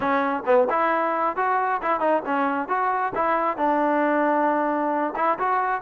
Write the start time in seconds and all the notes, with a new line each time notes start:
0.00 C#4
0.45 B3
0.70 E4
1.36 F#4
1.81 E4
2.00 D#4
2.25 C#4
2.68 F#4
3.14 E4
3.57 D4
5.16 E4
5.39 F#4